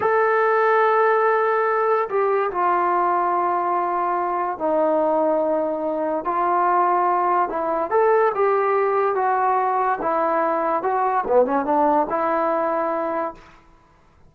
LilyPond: \new Staff \with { instrumentName = "trombone" } { \time 4/4 \tempo 4 = 144 a'1~ | a'4 g'4 f'2~ | f'2. dis'4~ | dis'2. f'4~ |
f'2 e'4 a'4 | g'2 fis'2 | e'2 fis'4 b8 cis'8 | d'4 e'2. | }